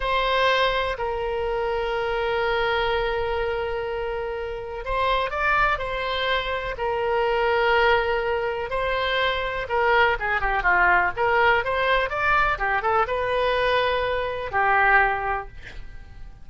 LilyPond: \new Staff \with { instrumentName = "oboe" } { \time 4/4 \tempo 4 = 124 c''2 ais'2~ | ais'1~ | ais'2 c''4 d''4 | c''2 ais'2~ |
ais'2 c''2 | ais'4 gis'8 g'8 f'4 ais'4 | c''4 d''4 g'8 a'8 b'4~ | b'2 g'2 | }